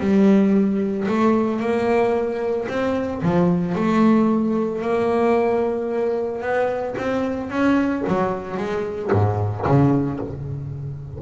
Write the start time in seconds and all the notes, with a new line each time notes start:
0.00 G3
1.08 A3
1.60 A#3
2.68 C4
3.22 F3
3.75 A3
4.82 A#3
6.41 B3
6.98 C4
7.50 C#4
8.08 F#3
8.57 G#3
9.11 G#2
9.66 C#3